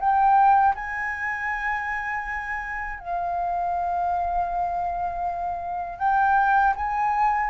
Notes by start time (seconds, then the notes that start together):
0.00 G5
0.75 G#5
3.00 F5
5.99 G5
6.76 G#5